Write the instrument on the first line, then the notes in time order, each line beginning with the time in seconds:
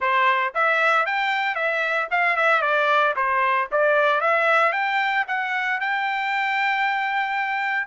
trumpet
0.00 C5
0.54 E5
1.06 G5
1.55 E5
2.11 F5
2.36 E5
2.61 D5
3.16 C5
3.71 D5
4.21 E5
4.72 G5
5.27 F#5
5.80 G5